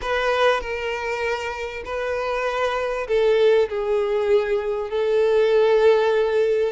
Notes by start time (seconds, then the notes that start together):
0.01 B4
0.60 A#4
1.84 B4
3.07 A4
3.69 G#4
4.90 A4